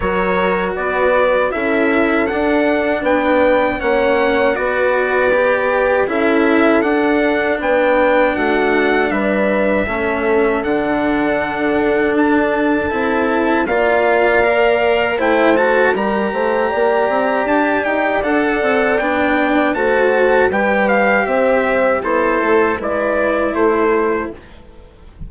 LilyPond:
<<
  \new Staff \with { instrumentName = "trumpet" } { \time 4/4 \tempo 4 = 79 cis''4 d''4 e''4 fis''4 | g''4 fis''4 d''2 | e''4 fis''4 g''4 fis''4 | e''2 fis''2 |
a''2 f''2 | g''8 a''8 ais''2 a''8 g''8 | fis''4 g''4 a''4 g''8 f''8 | e''4 c''4 d''4 c''4 | }
  \new Staff \with { instrumentName = "horn" } { \time 4/4 ais'4 b'4 a'2 | b'4 cis''4 b'2 | a'2 b'4 fis'4 | b'4 a'2.~ |
a'2 d''2 | c''4 ais'8 c''8 d''2~ | d''2 c''4 b'4 | c''4 e'4 b'4 a'4 | }
  \new Staff \with { instrumentName = "cello" } { \time 4/4 fis'2 e'4 d'4~ | d'4 cis'4 fis'4 g'4 | e'4 d'2.~ | d'4 cis'4 d'2~ |
d'4 e'4 f'4 ais'4 | e'8 fis'8 g'2. | a'4 d'4 fis'4 g'4~ | g'4 a'4 e'2 | }
  \new Staff \with { instrumentName = "bassoon" } { \time 4/4 fis4 b4 cis'4 d'4 | b4 ais4 b2 | cis'4 d'4 b4 a4 | g4 a4 d2 |
d'4 c'4 ais2 | a4 g8 a8 ais8 c'8 d'8 dis'8 | d'8 c'8 b4 a4 g4 | c'4 b8 a8 gis4 a4 | }
>>